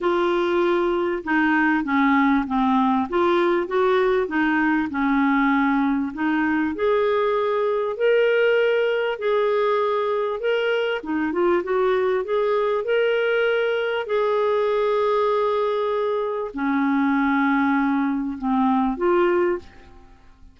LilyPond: \new Staff \with { instrumentName = "clarinet" } { \time 4/4 \tempo 4 = 98 f'2 dis'4 cis'4 | c'4 f'4 fis'4 dis'4 | cis'2 dis'4 gis'4~ | gis'4 ais'2 gis'4~ |
gis'4 ais'4 dis'8 f'8 fis'4 | gis'4 ais'2 gis'4~ | gis'2. cis'4~ | cis'2 c'4 f'4 | }